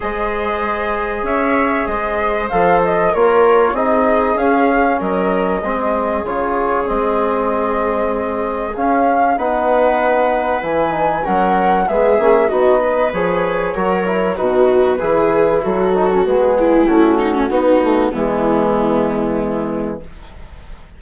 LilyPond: <<
  \new Staff \with { instrumentName = "flute" } { \time 4/4 \tempo 4 = 96 dis''2 e''4 dis''4 | f''8 dis''8 cis''4 dis''4 f''4 | dis''2 cis''4 dis''4~ | dis''2 f''4 fis''4~ |
fis''4 gis''4 fis''4 e''4 | dis''4 cis''2 b'4~ | b'4 a'4 gis'4 fis'4~ | fis'4 e'2. | }
  \new Staff \with { instrumentName = "viola" } { \time 4/4 c''2 cis''4 c''4~ | c''4 ais'4 gis'2 | ais'4 gis'2.~ | gis'2. b'4~ |
b'2 ais'4 gis'4 | fis'8 b'4. ais'4 fis'4 | gis'4 fis'4. e'4 dis'16 cis'16 | dis'4 b2. | }
  \new Staff \with { instrumentName = "trombone" } { \time 4/4 gis'1 | a'4 f'4 dis'4 cis'4~ | cis'4 c'4 f'4 c'4~ | c'2 cis'4 dis'4~ |
dis'4 e'8 dis'8 cis'4 b8 cis'8 | dis'4 gis'4 fis'8 e'8 dis'4 | e'4. dis'16 cis'16 b4 cis'4 | b8 a8 gis2. | }
  \new Staff \with { instrumentName = "bassoon" } { \time 4/4 gis2 cis'4 gis4 | f4 ais4 c'4 cis'4 | fis4 gis4 cis4 gis4~ | gis2 cis'4 b4~ |
b4 e4 fis4 gis8 ais8 | b4 f4 fis4 b,4 | e4 fis4 gis4 a4 | b4 e2. | }
>>